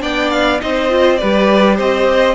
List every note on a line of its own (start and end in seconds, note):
0.00 0.61 B3
0.00 0.59 D4
0.00 0.61 D5
0.00 0.31 G5
0.31 0.60 F5
0.60 1.22 C4
0.60 0.90 D#4
0.60 1.19 C5
0.60 1.17 D#5
0.90 1.19 F4
1.17 1.79 G3
1.17 2.35 G4
1.17 1.76 B4
1.17 1.75 D5
1.76 2.35 C4
1.76 2.35 C5
1.76 2.35 D#5